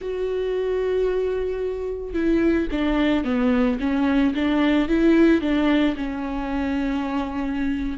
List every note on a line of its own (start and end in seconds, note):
0.01 2.13 F#4
2.13 2.67 E4
2.71 3.24 D4
3.24 3.78 B3
3.80 4.34 C#4
4.35 4.88 D4
4.88 5.41 E4
5.41 5.95 D4
5.96 7.98 C#4